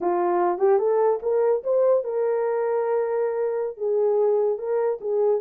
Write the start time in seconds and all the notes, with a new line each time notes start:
0.00 F4
0.58 G4
0.78 A4
1.22 A#4
1.63 C5
2.04 A#4
3.77 G#4
4.58 A#4
5.00 G#4